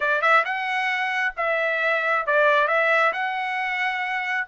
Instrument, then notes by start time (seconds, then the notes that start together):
trumpet
0.00 D5
0.21 E5
0.44 F#5
1.36 E5
2.26 D5
2.67 E5
3.12 F#5